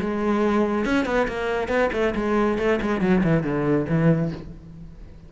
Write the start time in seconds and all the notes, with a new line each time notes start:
0.00 G#3
0.85 C#4
1.05 B3
1.28 A#3
1.68 B3
1.92 A3
2.15 G#3
2.58 A3
2.81 G#3
3.01 F#3
3.23 E3
3.43 D3
3.88 E3